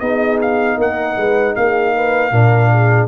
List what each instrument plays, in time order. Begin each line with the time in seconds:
0.00 tuba B3, trombone D#4, horn G#4, trumpet D#5
0.42 trumpet F5
0.77 tuba A#3, horn A#4, trumpet F#5
1.17 tuba G#3, horn B4
1.56 tuba A#3, horn G#4, trumpet F5
1.95 horn B4
2.32 tuba A#2, trombone D4, horn A#4
2.72 horn G#4